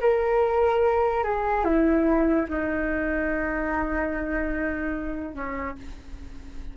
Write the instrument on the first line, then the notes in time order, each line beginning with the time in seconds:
flute
0.00 A#4
1.23 G#4
1.64 E4
2.48 D#4
5.34 C#4